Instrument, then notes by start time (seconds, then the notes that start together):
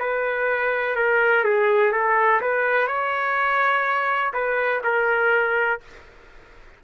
trumpet
0.00 B4
0.96 A#4
1.45 G#4
1.93 A4
2.41 B4
2.88 C#5
4.34 B4
4.84 A#4